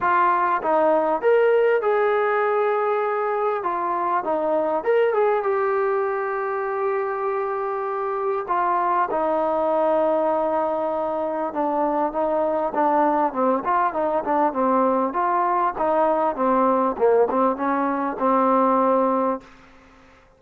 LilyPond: \new Staff \with { instrumentName = "trombone" } { \time 4/4 \tempo 4 = 99 f'4 dis'4 ais'4 gis'4~ | gis'2 f'4 dis'4 | ais'8 gis'8 g'2.~ | g'2 f'4 dis'4~ |
dis'2. d'4 | dis'4 d'4 c'8 f'8 dis'8 d'8 | c'4 f'4 dis'4 c'4 | ais8 c'8 cis'4 c'2 | }